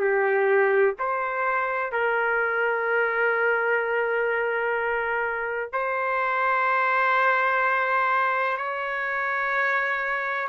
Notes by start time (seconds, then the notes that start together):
0.00 G4
1.00 C5
1.93 A#4
5.73 C5
8.58 C#5